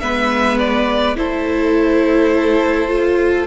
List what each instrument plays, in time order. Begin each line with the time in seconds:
0.00 cello G#3, viola B3, violin B4 E5
0.59 violin D5
1.16 cello A3, viola E4, violin A4 C5
2.88 viola F4